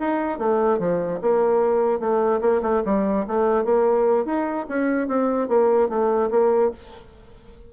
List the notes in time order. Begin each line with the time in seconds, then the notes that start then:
0.00 D#4
0.39 A3
0.79 F3
1.22 A#3
2.00 A3
2.41 A#3
2.62 A3
2.85 G3
3.27 A3
3.65 A#3
4.26 D#4
4.69 C#4
5.08 C4
5.48 A#3
5.89 A3
6.31 A#3